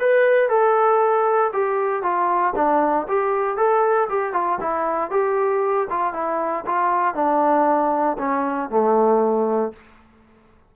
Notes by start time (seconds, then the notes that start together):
0.00 B4
0.49 A4
1.53 G4
2.03 F4
2.56 D4
3.08 G4
3.57 A4
4.09 G4
4.33 F4
4.61 E4
5.11 G4
5.90 F4
6.14 E4
6.66 F4
7.15 D4
8.19 C#4
8.70 A3